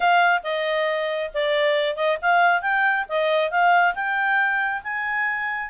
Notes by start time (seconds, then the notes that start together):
0.00 F5
0.43 D#5
1.34 D5
1.95 D#5
2.21 F5
2.61 G5
3.09 D#5
3.50 F5
3.94 G5
4.83 G#5